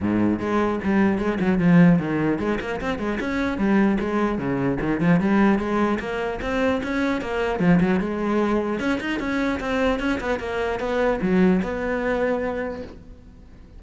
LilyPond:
\new Staff \with { instrumentName = "cello" } { \time 4/4 \tempo 4 = 150 gis,4 gis4 g4 gis8 fis8 | f4 dis4 gis8 ais8 c'8 gis8 | cis'4 g4 gis4 cis4 | dis8 f8 g4 gis4 ais4 |
c'4 cis'4 ais4 f8 fis8 | gis2 cis'8 dis'8 cis'4 | c'4 cis'8 b8 ais4 b4 | fis4 b2. | }